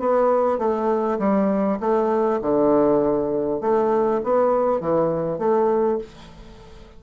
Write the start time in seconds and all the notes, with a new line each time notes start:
0.00 B3
0.59 A3
1.19 G3
1.81 A3
2.42 D3
3.61 A3
4.24 B3
4.81 E3
5.39 A3